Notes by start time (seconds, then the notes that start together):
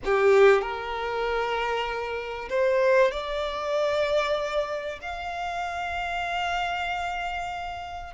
0.04 G4
0.61 A#4
2.49 C5
3.11 D5
5.01 F5